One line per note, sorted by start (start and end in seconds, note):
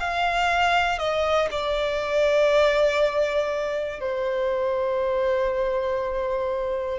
0.00 0.99 F5
0.99 1.49 D#5
1.51 4.00 D5
4.00 6.99 C5